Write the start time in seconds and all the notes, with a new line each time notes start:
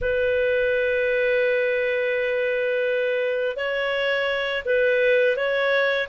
0.01 B4
3.56 C#5
4.65 B4
5.36 C#5